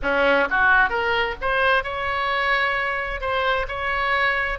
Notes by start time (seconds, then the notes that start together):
0.02 C#4
0.49 F#4
0.89 A#4
1.41 C5
1.83 C#5
3.20 C5
3.67 C#5